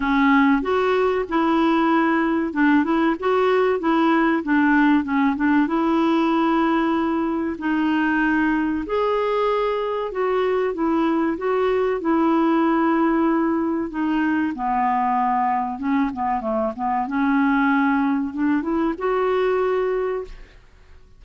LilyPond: \new Staff \with { instrumentName = "clarinet" } { \time 4/4 \tempo 4 = 95 cis'4 fis'4 e'2 | d'8 e'8 fis'4 e'4 d'4 | cis'8 d'8 e'2. | dis'2 gis'2 |
fis'4 e'4 fis'4 e'4~ | e'2 dis'4 b4~ | b4 cis'8 b8 a8 b8 cis'4~ | cis'4 d'8 e'8 fis'2 | }